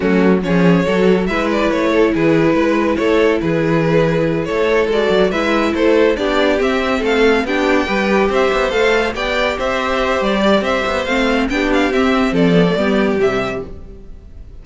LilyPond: <<
  \new Staff \with { instrumentName = "violin" } { \time 4/4 \tempo 4 = 141 fis'4 cis''2 e''8 d''8 | cis''4 b'2 cis''4 | b'2~ b'8 cis''4 d''8~ | d''8 e''4 c''4 d''4 e''8~ |
e''8 f''4 g''2 e''8~ | e''8 f''4 g''4 e''4. | d''4 e''4 f''4 g''8 f''8 | e''4 d''2 e''4 | }
  \new Staff \with { instrumentName = "violin" } { \time 4/4 cis'4 gis'4 a'4 b'4~ | b'8 a'8 gis'4 b'4 a'4 | gis'2~ gis'8 a'4.~ | a'8 b'4 a'4 g'4.~ |
g'8 a'4 g'4 b'4 c''8~ | c''4. d''4 c''4.~ | c''8 d''8 c''2 g'4~ | g'4 a'4 g'2 | }
  \new Staff \with { instrumentName = "viola" } { \time 4/4 a4 cis'4 fis'4 e'4~ | e'1~ | e'2.~ e'8 fis'8~ | fis'8 e'2 d'4 c'8~ |
c'4. d'4 g'4.~ | g'8 a'4 g'2~ g'8~ | g'2 c'4 d'4 | c'4. b16 a16 b4 g4 | }
  \new Staff \with { instrumentName = "cello" } { \time 4/4 fis4 f4 fis4 gis4 | a4 e4 gis4 a4 | e2~ e8 a4 gis8 | fis8 gis4 a4 b4 c'8~ |
c'8 a4 b4 g4 c'8 | b8 a4 b4 c'4. | g4 c'8 b8 a4 b4 | c'4 f4 g4 c4 | }
>>